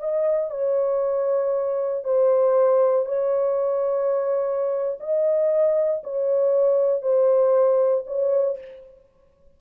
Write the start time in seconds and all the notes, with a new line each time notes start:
0.00 D#5
0.51 C#5
2.05 C5
3.06 C#5
5.00 D#5
6.04 C#5
7.02 C5
8.07 C#5